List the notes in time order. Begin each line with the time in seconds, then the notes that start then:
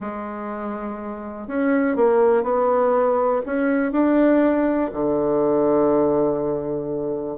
0.00 G#3
1.47 C#4
1.96 A#3
2.43 B3
3.46 C#4
3.91 D4
4.92 D3